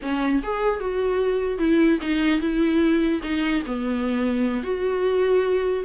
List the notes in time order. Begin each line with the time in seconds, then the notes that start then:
0.02 C#4
0.43 G#4
0.80 F#4
1.58 E4
2.01 D#4
2.40 E4
3.22 D#4
3.66 B3
4.63 F#4